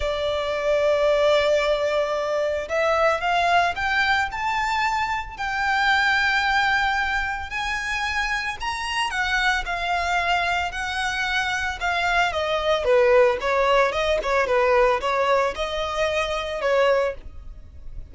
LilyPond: \new Staff \with { instrumentName = "violin" } { \time 4/4 \tempo 4 = 112 d''1~ | d''4 e''4 f''4 g''4 | a''2 g''2~ | g''2 gis''2 |
ais''4 fis''4 f''2 | fis''2 f''4 dis''4 | b'4 cis''4 dis''8 cis''8 b'4 | cis''4 dis''2 cis''4 | }